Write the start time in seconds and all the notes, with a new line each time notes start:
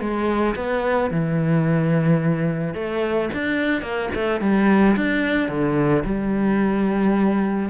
0.00 G#3
0.55 B3
1.11 E3
2.74 A3
3.33 D4
3.82 A#3
4.15 A3
4.41 G3
4.96 D4
5.49 D3
6.05 G3